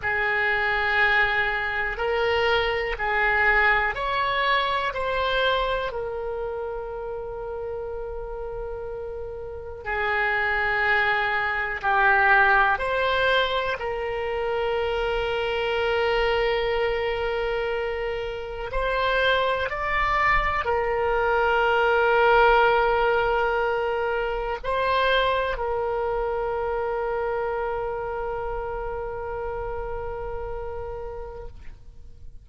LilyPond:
\new Staff \with { instrumentName = "oboe" } { \time 4/4 \tempo 4 = 61 gis'2 ais'4 gis'4 | cis''4 c''4 ais'2~ | ais'2 gis'2 | g'4 c''4 ais'2~ |
ais'2. c''4 | d''4 ais'2.~ | ais'4 c''4 ais'2~ | ais'1 | }